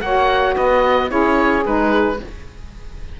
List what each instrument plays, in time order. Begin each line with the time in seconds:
0.00 cello A#3, saxophone F#4 C#5, oboe F#5
0.54 cello B3, saxophone B4, oboe D#5
1.08 cello C#4, saxophone E4 G#4, oboe C#5
1.65 cello G#3, saxophone D#4, oboe B4